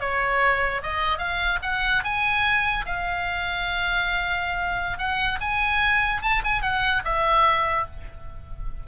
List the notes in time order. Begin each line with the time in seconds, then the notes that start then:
0.00 C#5
0.83 D#5
1.18 F5
1.62 F#5
2.04 G#5
2.86 F5
4.98 F#5
5.41 G#5
6.22 A5
6.44 G#5
6.62 F#5
7.05 E5